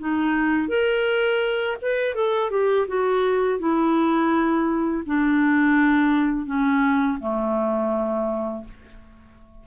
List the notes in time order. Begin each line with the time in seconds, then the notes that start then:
0.00 D#4
0.69 A#4
1.82 B4
2.15 A4
2.51 G4
2.88 F#4
3.60 E4
5.06 D4
6.46 C#4
7.20 A3